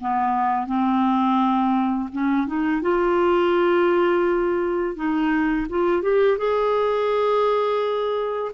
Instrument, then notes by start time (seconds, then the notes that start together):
clarinet
0.00 B3
0.67 C4
2.12 C#4
2.47 D#4
2.82 F4
4.95 D#4
5.69 F4
6.02 G4
6.38 G#4